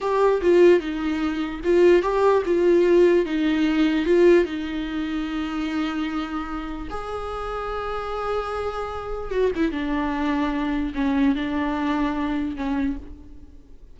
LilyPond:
\new Staff \with { instrumentName = "viola" } { \time 4/4 \tempo 4 = 148 g'4 f'4 dis'2 | f'4 g'4 f'2 | dis'2 f'4 dis'4~ | dis'1~ |
dis'4 gis'2.~ | gis'2. fis'8 e'8 | d'2. cis'4 | d'2. cis'4 | }